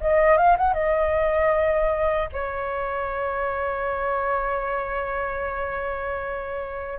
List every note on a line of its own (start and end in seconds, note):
0.00 0.37 D#5
0.37 0.56 F5
0.57 0.73 F#5
0.73 2.29 D#5
2.32 6.99 C#5